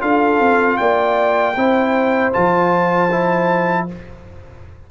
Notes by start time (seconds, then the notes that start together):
0.00 D4 F4 A4 F5
0.40 C4
0.77 A#3 D5 G5
1.56 C4 E4 C5
2.33 F3 F4 A5
3.12 E4